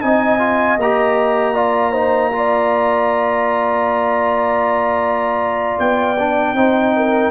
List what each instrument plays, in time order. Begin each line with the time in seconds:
0.00 tuba C4, trombone D#4, horn D#5, trumpet G#5
0.38 trombone F4
0.77 tuba A#3, trombone G4, trumpet A#5
1.54 trombone F4, horn D5
1.91 trombone D#4, horn C5
2.32 trombone F4, horn D5
5.79 tuba B3, trumpet G5
6.18 trombone D4
6.53 tuba C4, trombone D#4, horn C5
6.96 horn A#4